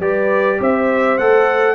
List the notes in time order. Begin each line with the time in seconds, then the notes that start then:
0.00 G3 G4 B4 D5
0.60 C4 C5 E5
1.18 A3 A4 F#5